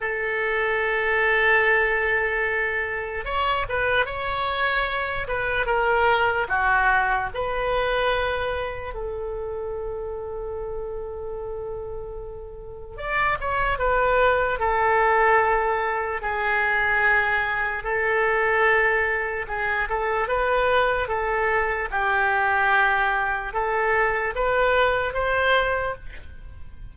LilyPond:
\new Staff \with { instrumentName = "oboe" } { \time 4/4 \tempo 4 = 74 a'1 | cis''8 b'8 cis''4. b'8 ais'4 | fis'4 b'2 a'4~ | a'1 |
d''8 cis''8 b'4 a'2 | gis'2 a'2 | gis'8 a'8 b'4 a'4 g'4~ | g'4 a'4 b'4 c''4 | }